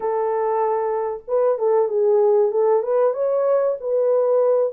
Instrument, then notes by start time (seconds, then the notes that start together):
horn
0.00 A4
1.27 B4
1.58 A4
1.88 G#4
2.51 A4
2.82 B4
3.13 C#5
3.80 B4